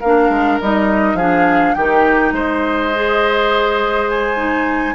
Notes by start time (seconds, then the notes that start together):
0.00 A#3 D4 A#4 F5
0.29 G#3
0.61 G3 D#4 D#5
1.14 F3 D4 G#4 F5
1.74 D#3 D#4 G4 G5
2.32 G#3 C5 D#5
2.94 G#4
4.08 G#5
4.36 D#4